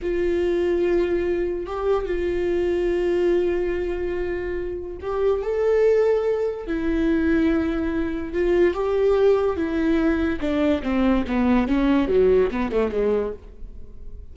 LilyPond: \new Staff \with { instrumentName = "viola" } { \time 4/4 \tempo 4 = 144 f'1 | g'4 f'2.~ | f'1 | g'4 a'2. |
e'1 | f'4 g'2 e'4~ | e'4 d'4 c'4 b4 | cis'4 fis4 b8 a8 gis4 | }